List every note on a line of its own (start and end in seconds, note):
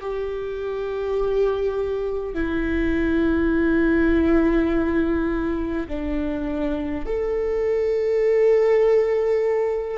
0.00 2.34 G4
2.34 5.87 E4
5.88 7.05 D4
7.05 9.97 A4